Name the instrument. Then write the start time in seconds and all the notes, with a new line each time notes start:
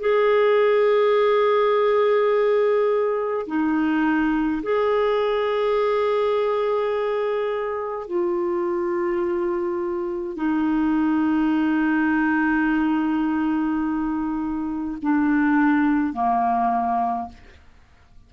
clarinet
0.00 G#4
3.47 D#4
4.63 G#4
8.08 F4
10.36 D#4
15.02 D4
16.13 A#3